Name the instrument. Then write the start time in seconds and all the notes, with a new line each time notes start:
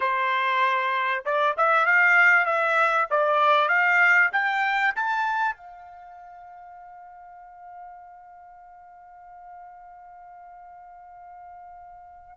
trumpet
0.00 C5
1.25 D5
1.57 E5
1.86 F5
2.45 E5
3.10 D5
3.68 F5
4.32 G5
4.95 A5
5.56 F5